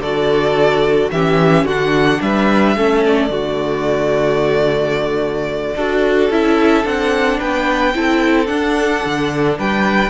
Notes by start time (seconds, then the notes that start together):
0.00 D3 F#4 A4 D5
1.12 E3 C#4 G4 E5
1.64 D3 D4 F#4 F#5
2.22 G3 B4 E5
2.76 A3 C#4 A4
3.06 D5
3.29 D3 A3 F#4
5.76 D4 F#4 A4
6.30 C#4 E4 E5
6.84 C4 D4 F#5
7.39 B3 B4 G5
7.95 C4 E4 A4
8.46 D4 F#5
9.05 D3
9.59 G3 B4 G5